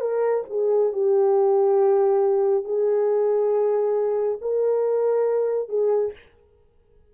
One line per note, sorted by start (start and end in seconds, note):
0.00 0.43 A#4
0.49 0.92 G#4
0.92 2.64 G4
2.64 4.38 G#4
4.41 5.69 A#4
5.69 6.12 G#4